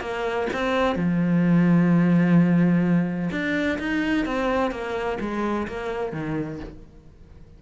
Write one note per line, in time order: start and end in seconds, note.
0.00 0.47 A#3
0.53 0.95 C4
0.95 3.30 F3
3.31 3.78 D4
3.78 4.25 D#4
4.25 4.71 C4
4.71 5.18 A#3
5.20 5.67 G#3
5.67 6.12 A#3
6.12 6.59 D#3